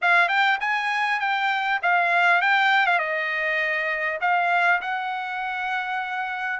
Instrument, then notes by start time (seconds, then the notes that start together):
trumpet
0.01 F5
0.28 G5
0.60 G#5
1.20 G5
1.82 F5
2.41 G5
2.86 F5
2.98 D#5
4.20 F5
4.81 F#5